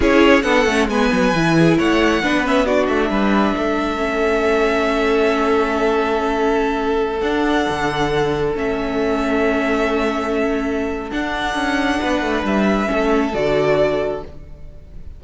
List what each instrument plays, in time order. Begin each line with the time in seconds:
0.00 cello C#4, viola E4, violin G#4 C#5
0.42 cello B3, viola D4, violin A4 F#5
0.65 cello A3, viola C#4
0.87 cello G#3, viola B3, violin B4 G#5
1.12 cello F#3
1.33 cello E3, viola E4
1.58 violin G#4
1.77 cello A3, violin C#5 F#5
2.22 cello B3, viola D4, violin B4
2.44 viola C#4, violin E5
2.65 viola D4, violin F#4 D5
2.85 cello A3, violin E5
3.09 cello G3, violin B4
3.56 cello A3, violin A4
3.96 viola C#4
7.20 cello D4, viola D4, violin F#5
7.69 cello D3
8.55 cello A3, viola C#4, violin E5
11.10 viola D4, cello D4, violin F#5
11.54 cello C#4
12.00 cello B3, violin B4
12.21 cello A3
12.43 cello G3, violin E5
12.86 cello A3, viola C#4, violin A4
13.34 cello D3, viola F#4, violin D5